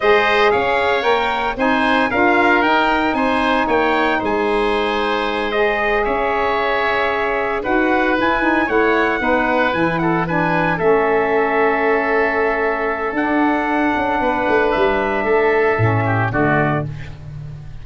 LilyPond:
<<
  \new Staff \with { instrumentName = "trumpet" } { \time 4/4 \tempo 4 = 114 dis''4 f''4 g''4 gis''4 | f''4 g''4 gis''4 g''4 | gis''2~ gis''8 dis''4 e''8~ | e''2~ e''8 fis''4 gis''8~ |
gis''8 fis''2 gis''8 fis''8 gis''8~ | gis''8 e''2.~ e''8~ | e''4 fis''2. | e''2. d''4 | }
  \new Staff \with { instrumentName = "oboe" } { \time 4/4 c''4 cis''2 c''4 | ais'2 c''4 cis''4 | c''2.~ c''8 cis''8~ | cis''2~ cis''8 b'4.~ |
b'8 cis''4 b'4. a'8 b'8~ | b'8 a'2.~ a'8~ | a'2. b'4~ | b'4 a'4. g'8 fis'4 | }
  \new Staff \with { instrumentName = "saxophone" } { \time 4/4 gis'2 ais'4 dis'4 | f'4 dis'2.~ | dis'2~ dis'8 gis'4.~ | gis'2~ gis'8 fis'4 e'8 |
dis'8 e'4 dis'4 e'4 d'8~ | d'8 cis'2.~ cis'8~ | cis'4 d'2.~ | d'2 cis'4 a4 | }
  \new Staff \with { instrumentName = "tuba" } { \time 4/4 gis4 cis'4 ais4 c'4 | d'4 dis'4 c'4 ais4 | gis2.~ gis8 cis'8~ | cis'2~ cis'8 dis'4 e'8~ |
e'8 a4 b4 e4.~ | e8 a2.~ a8~ | a4 d'4. cis'8 b8 a8 | g4 a4 a,4 d4 | }
>>